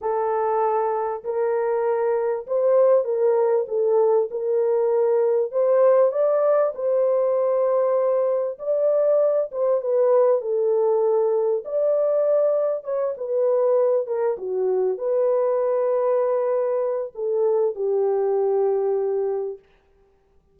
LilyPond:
\new Staff \with { instrumentName = "horn" } { \time 4/4 \tempo 4 = 98 a'2 ais'2 | c''4 ais'4 a'4 ais'4~ | ais'4 c''4 d''4 c''4~ | c''2 d''4. c''8 |
b'4 a'2 d''4~ | d''4 cis''8 b'4. ais'8 fis'8~ | fis'8 b'2.~ b'8 | a'4 g'2. | }